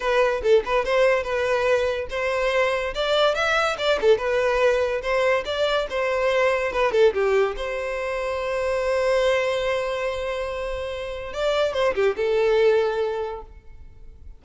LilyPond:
\new Staff \with { instrumentName = "violin" } { \time 4/4 \tempo 4 = 143 b'4 a'8 b'8 c''4 b'4~ | b'4 c''2 d''4 | e''4 d''8 a'8 b'2 | c''4 d''4 c''2 |
b'8 a'8 g'4 c''2~ | c''1~ | c''2. d''4 | c''8 g'8 a'2. | }